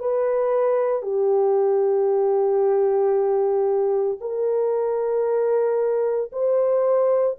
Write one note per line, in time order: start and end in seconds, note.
0.00 1.02 B4
1.02 4.18 G4
4.21 6.32 A#4
6.33 7.38 C5